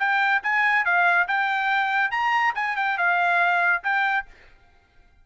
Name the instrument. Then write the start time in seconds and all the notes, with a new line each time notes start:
trumpet
0.00 G5
0.43 G#5
0.85 F5
1.28 G5
2.12 A#5
2.55 G#5
2.77 G5
2.98 F5
3.84 G5